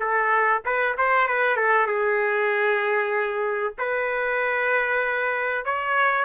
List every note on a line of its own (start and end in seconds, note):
0.00 0.62 A4
0.65 0.97 B4
0.98 1.28 C5
1.28 1.57 B4
1.57 1.87 A4
1.87 3.74 G#4
3.79 5.66 B4
5.66 6.25 C#5